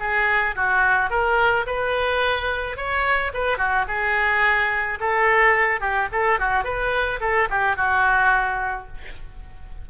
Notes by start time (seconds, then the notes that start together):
0.00 G#4
0.56 F#4
1.10 A#4
1.67 B4
2.77 C#5
3.34 B4
3.58 F#4
3.88 G#4
5.00 A4
5.81 G4
6.12 A4
6.40 F#4
6.64 B4
7.21 A4
7.50 G4
7.77 F#4